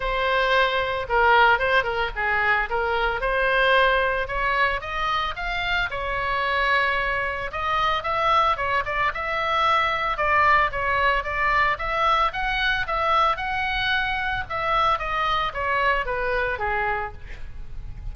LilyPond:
\new Staff \with { instrumentName = "oboe" } { \time 4/4 \tempo 4 = 112 c''2 ais'4 c''8 ais'8 | gis'4 ais'4 c''2 | cis''4 dis''4 f''4 cis''4~ | cis''2 dis''4 e''4 |
cis''8 d''8 e''2 d''4 | cis''4 d''4 e''4 fis''4 | e''4 fis''2 e''4 | dis''4 cis''4 b'4 gis'4 | }